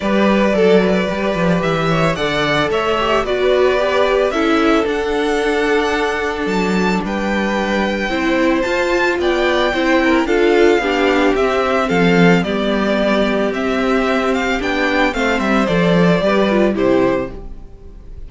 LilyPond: <<
  \new Staff \with { instrumentName = "violin" } { \time 4/4 \tempo 4 = 111 d''2. e''4 | fis''4 e''4 d''2 | e''4 fis''2. | a''4 g''2. |
a''4 g''2 f''4~ | f''4 e''4 f''4 d''4~ | d''4 e''4. f''8 g''4 | f''8 e''8 d''2 c''4 | }
  \new Staff \with { instrumentName = "violin" } { \time 4/4 b'4 a'8 b'2 cis''8 | d''4 cis''4 b'2 | a'1~ | a'4 b'2 c''4~ |
c''4 d''4 c''8 ais'8 a'4 | g'2 a'4 g'4~ | g'1 | c''2 b'4 g'4 | }
  \new Staff \with { instrumentName = "viola" } { \time 4/4 g'4 a'4 g'2 | a'4. g'8 fis'4 g'4 | e'4 d'2.~ | d'2. e'4 |
f'2 e'4 f'4 | d'4 c'2 b4~ | b4 c'2 d'4 | c'4 a'4 g'8 f'8 e'4 | }
  \new Staff \with { instrumentName = "cello" } { \time 4/4 g4 fis4 g8 f8 e4 | d4 a4 b2 | cis'4 d'2. | fis4 g2 c'4 |
f'4 b4 c'4 d'4 | b4 c'4 f4 g4~ | g4 c'2 b4 | a8 g8 f4 g4 c4 | }
>>